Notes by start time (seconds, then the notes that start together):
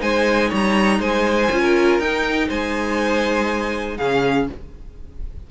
0.00 G#3 D#4 C5 G#5
0.49 G3 C#5
0.55 A#5
1.00 G#3 C5 G#5
1.52 C#4 F4
1.61 A#4
2.00 D#4 G5
2.49 G#3 C5 G#5
3.98 C#3 C#4 G#4 F5